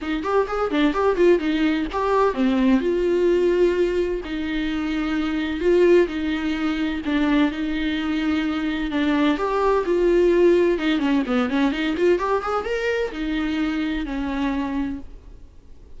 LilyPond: \new Staff \with { instrumentName = "viola" } { \time 4/4 \tempo 4 = 128 dis'8 g'8 gis'8 d'8 g'8 f'8 dis'4 | g'4 c'4 f'2~ | f'4 dis'2. | f'4 dis'2 d'4 |
dis'2. d'4 | g'4 f'2 dis'8 cis'8 | b8 cis'8 dis'8 f'8 g'8 gis'8 ais'4 | dis'2 cis'2 | }